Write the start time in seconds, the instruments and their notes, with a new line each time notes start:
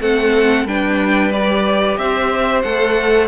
0.00 cello A3, viola C4, violin A4 F#5
0.64 cello G3, viola D4, violin B4 G5
1.31 viola G4, violin D5
1.97 cello C4, violin C5 E5
2.62 cello A3, viola A4, violin F#5